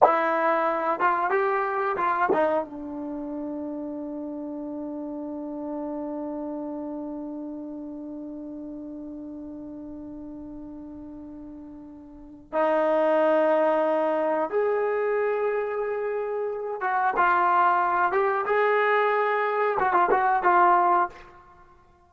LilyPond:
\new Staff \with { instrumentName = "trombone" } { \time 4/4 \tempo 4 = 91 e'4. f'8 g'4 f'8 dis'8 | d'1~ | d'1~ | d'1~ |
d'2. dis'4~ | dis'2 gis'2~ | gis'4. fis'8 f'4. g'8 | gis'2 fis'16 f'16 fis'8 f'4 | }